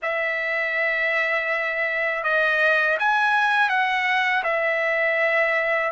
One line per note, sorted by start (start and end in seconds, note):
0.02 2.23 E5
2.23 2.97 D#5
2.99 3.69 G#5
3.69 4.43 F#5
4.43 5.91 E5